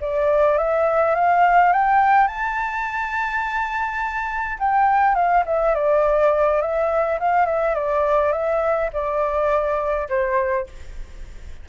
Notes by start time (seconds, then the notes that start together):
0.00 D5
0.57 E5
1.15 F5
1.73 G5
2.27 A5
4.58 G5
5.15 F5
5.46 E5
5.74 D5
6.61 E5
7.20 F5
7.46 E5
7.74 D5
8.32 E5
8.93 D5
10.09 C5